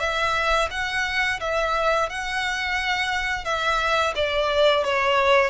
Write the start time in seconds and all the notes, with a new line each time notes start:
0.00 E5
0.71 F#5
1.41 E5
2.10 F#5
3.45 E5
4.16 D5
4.84 C#5